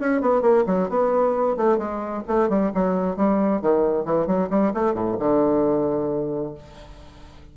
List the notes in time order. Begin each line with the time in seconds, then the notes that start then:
0.00 C#4
0.21 B3
0.42 A#3
0.67 F#3
0.89 B3
1.57 A3
1.78 G#3
2.28 A3
2.49 G3
2.75 F#3
3.17 G3
3.62 D#3
4.06 E3
4.27 F#3
4.50 G3
4.74 A3
4.94 A2
5.19 D3